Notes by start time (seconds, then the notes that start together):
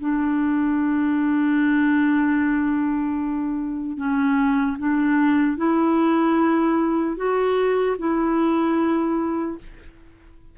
0.00 D4
3.97 C#4
4.79 D4
5.57 E4
7.17 F#4
7.99 E4